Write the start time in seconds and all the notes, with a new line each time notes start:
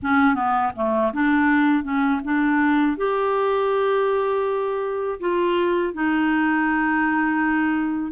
0.02 C#4
0.35 B3
0.75 A3
1.13 D4
1.83 C#4
2.24 D4
2.97 G4
5.20 F4
5.93 D#4